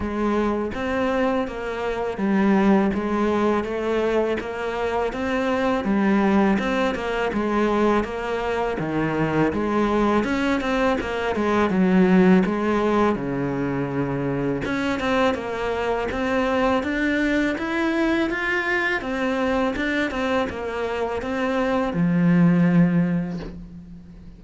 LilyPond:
\new Staff \with { instrumentName = "cello" } { \time 4/4 \tempo 4 = 82 gis4 c'4 ais4 g4 | gis4 a4 ais4 c'4 | g4 c'8 ais8 gis4 ais4 | dis4 gis4 cis'8 c'8 ais8 gis8 |
fis4 gis4 cis2 | cis'8 c'8 ais4 c'4 d'4 | e'4 f'4 c'4 d'8 c'8 | ais4 c'4 f2 | }